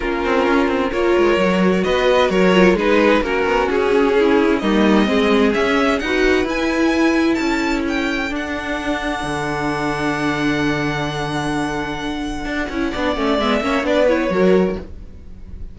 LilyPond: <<
  \new Staff \with { instrumentName = "violin" } { \time 4/4 \tempo 4 = 130 ais'2 cis''2 | dis''4 cis''4 b'4 ais'4 | gis'2 dis''2 | e''4 fis''4 gis''2 |
a''4 g''4 fis''2~ | fis''1~ | fis''1~ | fis''4 e''4 d''8 cis''4. | }
  \new Staff \with { instrumentName = "violin" } { \time 4/4 f'2 ais'2 | b'4 ais'4 gis'4 fis'4~ | fis'4 e'4 dis'4 gis'4~ | gis'4 b'2. |
a'1~ | a'1~ | a'1 | d''4. cis''8 b'4 ais'4 | }
  \new Staff \with { instrumentName = "viola" } { \time 4/4 cis'2 f'4 fis'4~ | fis'4. f'8 dis'4 cis'4~ | cis'2 ais4 c'4 | cis'4 fis'4 e'2~ |
e'2 d'2~ | d'1~ | d'2.~ d'8 e'8 | d'8 cis'8 b8 cis'8 d'8 e'8 fis'4 | }
  \new Staff \with { instrumentName = "cello" } { \time 4/4 ais8 c'8 cis'8 c'8 ais8 gis8 fis4 | b4 fis4 gis4 ais8 b8 | cis'2 g4 gis4 | cis'4 dis'4 e'2 |
cis'2 d'2 | d1~ | d2. d'8 cis'8 | b8 a8 gis8 ais8 b4 fis4 | }
>>